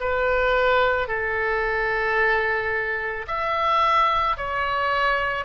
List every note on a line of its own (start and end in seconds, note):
0.00 1.08 B4
1.08 3.26 A4
3.27 4.36 E5
4.36 5.45 C#5